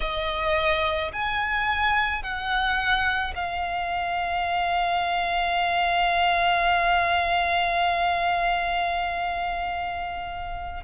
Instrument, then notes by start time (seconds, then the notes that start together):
violin
0.00 D#5
1.13 G#5
2.22 F#5
3.35 F5